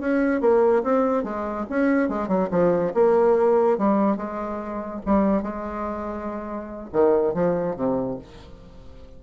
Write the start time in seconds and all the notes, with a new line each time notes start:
0.00 C#4
0.41 A#3
0.83 C4
1.24 G#3
1.69 C#4
2.09 G#3
2.28 F#3
2.51 F3
2.94 A#3
3.78 G3
4.17 G#3
5.06 G3
5.42 G#3
6.92 D#3
7.34 F3
7.76 C3